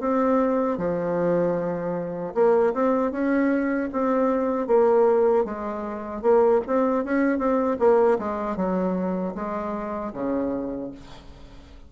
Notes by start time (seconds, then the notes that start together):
0.00 C4
0.78 F3
2.34 A#3
2.74 C4
3.12 C#4
3.93 C4
4.67 A#3
5.45 G#3
6.22 A#3
6.67 C4
7.04 C#4
7.38 C4
7.79 A#3
8.19 G#3
8.56 F#3
9.35 G#3
10.13 C#3